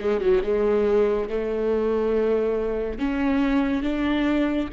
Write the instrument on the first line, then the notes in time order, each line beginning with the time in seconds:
viola
0.00 G#3
0.21 F#3
0.43 G#3
1.29 A3
2.99 C#4
3.83 D4